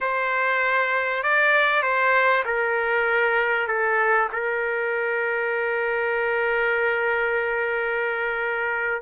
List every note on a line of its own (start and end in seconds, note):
0.00 1.23 C5
1.23 1.82 D5
1.82 2.43 C5
2.45 3.67 A#4
3.67 4.28 A4
4.32 9.02 A#4